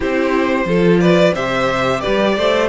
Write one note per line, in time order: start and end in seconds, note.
0.00 0.65 C4
0.00 0.67 E4
0.00 0.66 G4
0.00 1.00 C5
0.65 1.32 F3
0.65 1.35 F4
0.65 1.01 A4
1.00 1.33 B4
1.00 1.33 D5
1.33 2.02 C3
1.33 2.69 G4
1.33 2.01 C5
1.33 2.00 E5
2.00 2.37 G3
2.00 2.34 B4
2.00 2.68 D5
2.37 2.69 A3
2.37 2.69 C5